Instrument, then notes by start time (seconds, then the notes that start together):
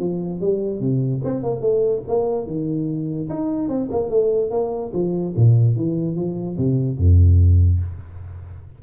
tuba
0.00 F3
0.41 G3
0.81 C3
1.25 C4
1.43 A#3
1.62 A3
2.08 A#3
2.47 D#3
3.30 D#4
3.69 C4
3.92 A#3
4.10 A3
4.51 A#3
4.94 F3
5.37 A#2
5.77 E3
6.16 F3
6.58 C3
6.98 F2